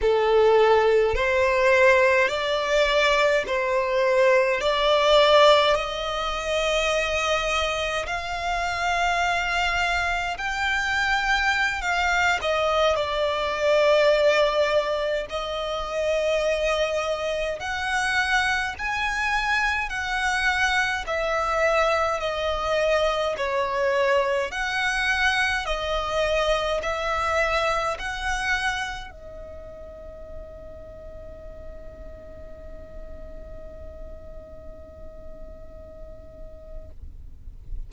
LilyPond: \new Staff \with { instrumentName = "violin" } { \time 4/4 \tempo 4 = 52 a'4 c''4 d''4 c''4 | d''4 dis''2 f''4~ | f''4 g''4~ g''16 f''8 dis''8 d''8.~ | d''4~ d''16 dis''2 fis''8.~ |
fis''16 gis''4 fis''4 e''4 dis''8.~ | dis''16 cis''4 fis''4 dis''4 e''8.~ | e''16 fis''4 dis''2~ dis''8.~ | dis''1 | }